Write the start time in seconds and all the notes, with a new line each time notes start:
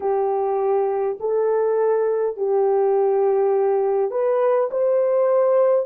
0.00 G4
1.20 A4
2.36 G4
4.10 B4
4.71 C5